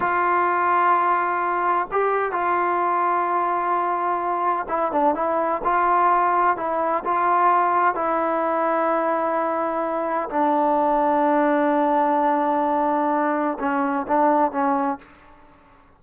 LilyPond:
\new Staff \with { instrumentName = "trombone" } { \time 4/4 \tempo 4 = 128 f'1 | g'4 f'2.~ | f'2 e'8 d'8 e'4 | f'2 e'4 f'4~ |
f'4 e'2.~ | e'2 d'2~ | d'1~ | d'4 cis'4 d'4 cis'4 | }